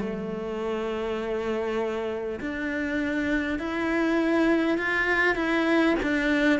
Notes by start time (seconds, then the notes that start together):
0.00 A3
2.41 D4
3.59 E4
4.78 F4
5.36 E4
6.03 D4